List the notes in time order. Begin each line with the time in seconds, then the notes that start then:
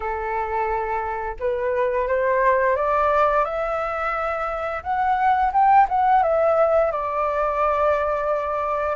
0.00 A4
1.39 B4
2.07 C5
2.76 D5
3.45 E5
4.83 F#5
5.52 G5
5.88 F#5
6.22 E5
6.91 D5